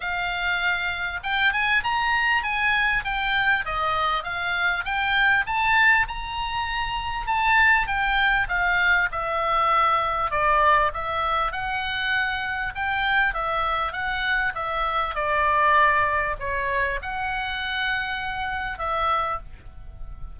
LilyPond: \new Staff \with { instrumentName = "oboe" } { \time 4/4 \tempo 4 = 99 f''2 g''8 gis''8 ais''4 | gis''4 g''4 dis''4 f''4 | g''4 a''4 ais''2 | a''4 g''4 f''4 e''4~ |
e''4 d''4 e''4 fis''4~ | fis''4 g''4 e''4 fis''4 | e''4 d''2 cis''4 | fis''2. e''4 | }